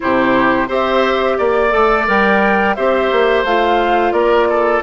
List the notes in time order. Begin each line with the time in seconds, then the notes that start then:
0.00 C3 E4 G4 C5
0.68 C4 G4 C5 E5
1.37 A#3 D5
1.70 A3 A4
2.06 G3 A#4 G5
2.74 C4 G4 C5 E5
3.11 A#3
3.44 A3 F4 F5
4.12 A#3 A#4 D5
4.49 A4